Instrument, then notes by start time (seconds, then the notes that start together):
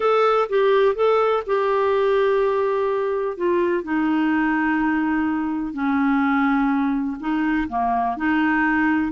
clarinet
0.00 A4
0.49 G4
0.95 A4
1.46 G4
3.37 F4
3.83 D#4
5.73 C#4
7.20 D#4
7.68 A#3
8.16 D#4